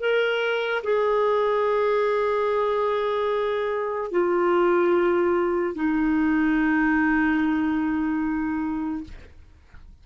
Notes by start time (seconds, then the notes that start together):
0.00 A#4
0.83 G#4
4.11 F4
5.75 D#4